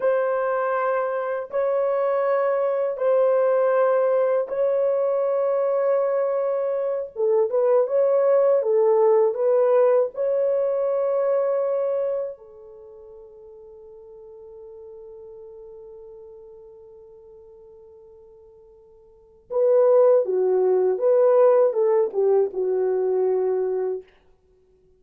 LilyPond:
\new Staff \with { instrumentName = "horn" } { \time 4/4 \tempo 4 = 80 c''2 cis''2 | c''2 cis''2~ | cis''4. a'8 b'8 cis''4 a'8~ | a'8 b'4 cis''2~ cis''8~ |
cis''8 a'2.~ a'8~ | a'1~ | a'2 b'4 fis'4 | b'4 a'8 g'8 fis'2 | }